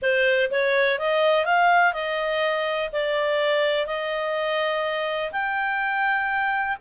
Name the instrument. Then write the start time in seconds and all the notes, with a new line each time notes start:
clarinet
0.02 C5
0.50 C#5
0.99 D#5
1.45 F5
1.93 D#5
2.92 D5
3.86 D#5
5.31 G5